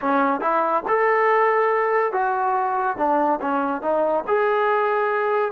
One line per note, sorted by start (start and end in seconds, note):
0.01 0.40 C#4
0.40 0.83 E4
0.87 2.12 A4
2.12 2.97 F#4
2.97 3.39 D4
3.41 3.81 C#4
3.81 4.24 D#4
4.27 5.52 G#4